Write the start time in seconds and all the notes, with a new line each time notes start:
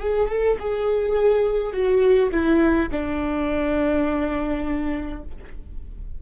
0.00 G#4
0.29 A4
0.59 G#4
1.73 F#4
2.31 E4
2.92 D4